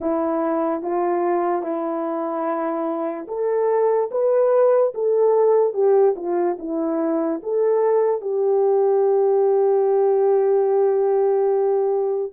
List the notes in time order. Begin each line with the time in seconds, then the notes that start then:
0.00 E4
0.82 F4
1.62 E4
3.27 A4
4.11 B4
4.94 A4
5.73 G4
6.16 F4
6.59 E4
7.42 A4
8.21 G4